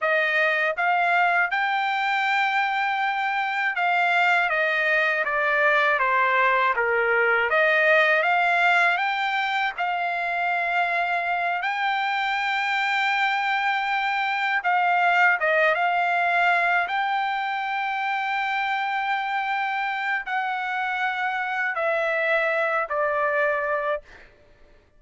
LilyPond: \new Staff \with { instrumentName = "trumpet" } { \time 4/4 \tempo 4 = 80 dis''4 f''4 g''2~ | g''4 f''4 dis''4 d''4 | c''4 ais'4 dis''4 f''4 | g''4 f''2~ f''8 g''8~ |
g''2.~ g''8 f''8~ | f''8 dis''8 f''4. g''4.~ | g''2. fis''4~ | fis''4 e''4. d''4. | }